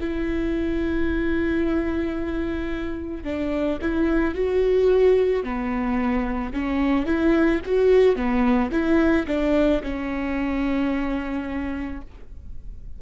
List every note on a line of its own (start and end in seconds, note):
0.00 3.24 E4
3.24 3.78 D4
3.81 4.34 E4
4.34 5.43 F#4
5.43 6.53 B3
6.53 7.06 C#4
7.06 7.60 E4
7.65 8.16 F#4
8.16 8.70 B3
8.71 9.26 E4
9.27 9.81 D4
9.83 12.01 C#4